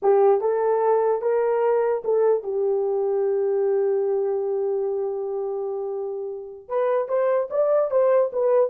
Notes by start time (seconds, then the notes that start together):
0.02 G4
0.40 A4
1.21 A#4
2.04 A4
2.43 G4
6.68 B4
7.08 C5
7.50 D5
7.90 C5
8.32 B4